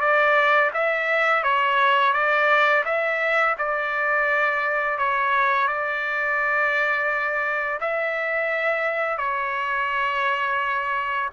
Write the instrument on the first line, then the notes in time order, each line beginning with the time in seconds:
trumpet
0.00 D5
0.73 E5
1.43 C#5
2.13 D5
2.85 E5
3.58 D5
4.98 C#5
5.68 D5
7.81 E5
9.18 C#5